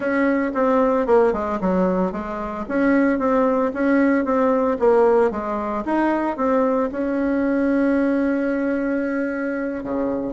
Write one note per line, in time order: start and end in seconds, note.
0.00 0.51 C#4
0.54 1.06 C4
1.06 1.32 A#3
1.32 1.59 G#3
1.60 2.11 F#3
2.11 2.65 G#3
2.68 3.19 C#4
3.19 3.72 C4
3.73 4.24 C#4
4.24 4.77 C4
4.79 5.30 A#3
5.30 5.83 G#3
5.85 6.36 D#4
6.36 6.90 C4
6.91 9.83 C#4
9.83 10.33 C#3